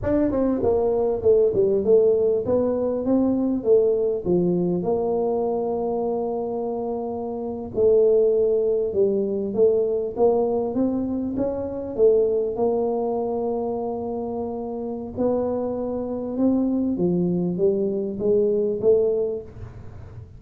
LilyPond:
\new Staff \with { instrumentName = "tuba" } { \time 4/4 \tempo 4 = 99 d'8 c'8 ais4 a8 g8 a4 | b4 c'4 a4 f4 | ais1~ | ais8. a2 g4 a16~ |
a8. ais4 c'4 cis'4 a16~ | a8. ais2.~ ais16~ | ais4 b2 c'4 | f4 g4 gis4 a4 | }